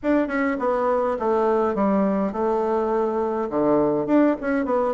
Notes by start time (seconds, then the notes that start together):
0.03 D4
0.27 C#4
0.59 B3
1.19 A3
1.74 G3
2.32 A3
3.49 D3
4.06 D4
4.40 C#4
4.65 B3